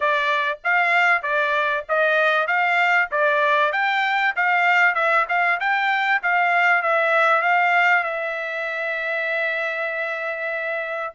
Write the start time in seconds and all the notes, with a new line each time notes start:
0.00 D5
0.64 F5
1.22 D5
1.89 D#5
2.47 F5
3.11 D5
3.72 G5
4.36 F5
4.95 E5
5.28 F5
5.60 G5
6.22 F5
6.82 E5
7.42 F5
8.03 E5